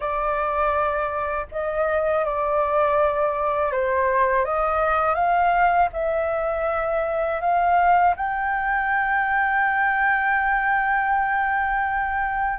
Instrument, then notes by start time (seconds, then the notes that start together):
flute
0.00 D5
1.51 D#5
2.25 D5
3.71 C5
4.44 D#5
5.14 F5
5.92 E5
7.40 F5
8.16 G5